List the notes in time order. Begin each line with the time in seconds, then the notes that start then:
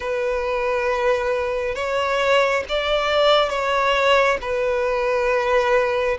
0.00 B4
1.75 C#5
2.69 D5
3.49 C#5
4.41 B4